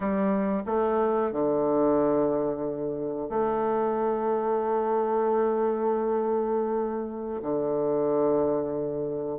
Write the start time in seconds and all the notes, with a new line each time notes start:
0.00 G3
0.66 A3
1.32 D3
3.29 A3
7.41 D3